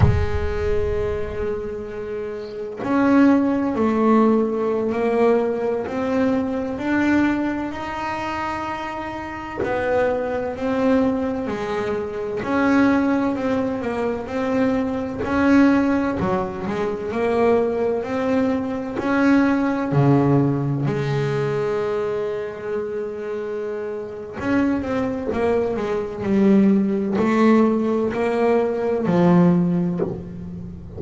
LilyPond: \new Staff \with { instrumentName = "double bass" } { \time 4/4 \tempo 4 = 64 gis2. cis'4 | a4~ a16 ais4 c'4 d'8.~ | d'16 dis'2 b4 c'8.~ | c'16 gis4 cis'4 c'8 ais8 c'8.~ |
c'16 cis'4 fis8 gis8 ais4 c'8.~ | c'16 cis'4 cis4 gis4.~ gis16~ | gis2 cis'8 c'8 ais8 gis8 | g4 a4 ais4 f4 | }